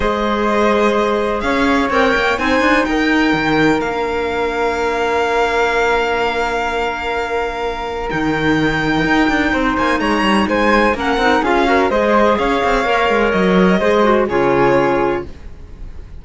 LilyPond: <<
  \new Staff \with { instrumentName = "violin" } { \time 4/4 \tempo 4 = 126 dis''2. f''4 | g''4 gis''4 g''2 | f''1~ | f''1~ |
f''4 g''2.~ | g''8 gis''8 ais''4 gis''4 fis''4 | f''4 dis''4 f''2 | dis''2 cis''2 | }
  \new Staff \with { instrumentName = "flute" } { \time 4/4 c''2. cis''4~ | cis''4 c''4 ais'2~ | ais'1~ | ais'1~ |
ais'1 | c''4 cis''4 c''4 ais'4 | gis'8 ais'8 c''4 cis''2~ | cis''4 c''4 gis'2 | }
  \new Staff \with { instrumentName = "clarinet" } { \time 4/4 gis'1 | ais'4 dis'2. | d'1~ | d'1~ |
d'4 dis'2.~ | dis'2. cis'8 dis'8 | f'8 fis'8 gis'2 ais'4~ | ais'4 gis'8 fis'8 f'2 | }
  \new Staff \with { instrumentName = "cello" } { \time 4/4 gis2. cis'4 | c'8 ais8 c'8 d'8 dis'4 dis4 | ais1~ | ais1~ |
ais4 dis2 dis'8 d'8 | c'8 ais8 gis8 g8 gis4 ais8 c'8 | cis'4 gis4 cis'8 c'8 ais8 gis8 | fis4 gis4 cis2 | }
>>